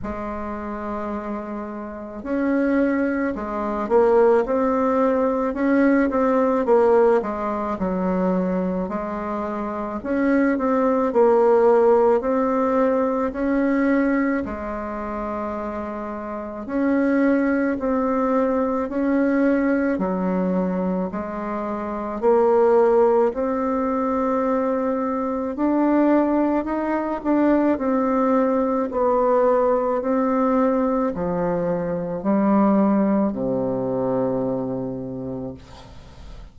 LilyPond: \new Staff \with { instrumentName = "bassoon" } { \time 4/4 \tempo 4 = 54 gis2 cis'4 gis8 ais8 | c'4 cis'8 c'8 ais8 gis8 fis4 | gis4 cis'8 c'8 ais4 c'4 | cis'4 gis2 cis'4 |
c'4 cis'4 fis4 gis4 | ais4 c'2 d'4 | dis'8 d'8 c'4 b4 c'4 | f4 g4 c2 | }